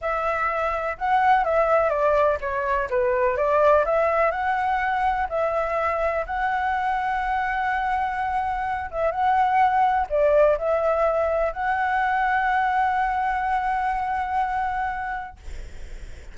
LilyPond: \new Staff \with { instrumentName = "flute" } { \time 4/4 \tempo 4 = 125 e''2 fis''4 e''4 | d''4 cis''4 b'4 d''4 | e''4 fis''2 e''4~ | e''4 fis''2.~ |
fis''2~ fis''8 e''8 fis''4~ | fis''4 d''4 e''2 | fis''1~ | fis''1 | }